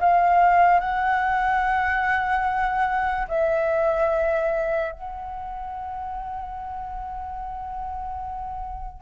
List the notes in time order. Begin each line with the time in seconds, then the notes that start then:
0.00 F5
0.80 F#5
3.28 E5
4.92 F#5